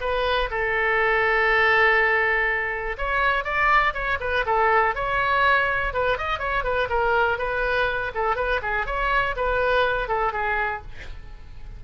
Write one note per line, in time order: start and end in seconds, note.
0.00 0.49 B4
0.50 2.96 A4
2.98 3.44 C#5
3.44 3.93 D5
3.93 4.18 C#5
4.20 4.45 B4
4.46 4.94 A4
4.94 5.93 C#5
5.93 6.17 B4
6.17 6.39 D#5
6.39 6.63 C#5
6.63 6.88 B4
6.89 7.38 A#4
7.38 8.11 B4
8.14 8.36 A4
8.36 8.60 B4
8.62 8.86 G#4
8.86 9.35 C#5
9.36 10.08 B4
10.08 10.32 A4
10.32 10.82 G#4